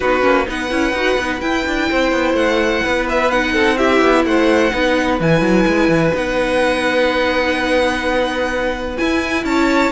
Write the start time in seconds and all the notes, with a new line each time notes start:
0.00 B3 D#4 F#4 B4
0.21 A#3 C#4
0.45 B3 D#4 B4 F#5
0.70 C#4 E4
0.92 D#4 F#4
1.18 B3 D#4
1.39 E4 G5
1.66 D4
1.89 C4 C5
2.12 B3
2.33 A3 F#5
2.83 B3 B4
3.09 E5
3.30 D#4 F#5
3.52 C4 A4
3.77 E4 G4 E5
4.01 B3
4.24 A3 C5 F#5
4.71 B3 D#4 B4
5.19 E3 E4 G#5
5.40 F#3
5.66 G#3
5.88 E3
6.13 B3 D#4 F#5
8.97 E4 G#5
9.44 C#4 C#5 A5